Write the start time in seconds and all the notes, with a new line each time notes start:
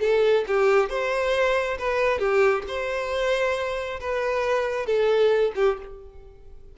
0.00 A4
0.47 G4
0.89 C5
1.78 B4
2.19 G4
2.67 C5
4.00 B4
4.86 A4
5.55 G4